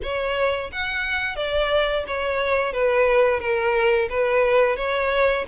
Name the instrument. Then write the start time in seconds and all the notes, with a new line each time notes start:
violin
0.02 C#5
0.72 F#5
1.36 D5
2.07 C#5
2.72 B4
3.40 A#4
4.09 B4
4.76 C#5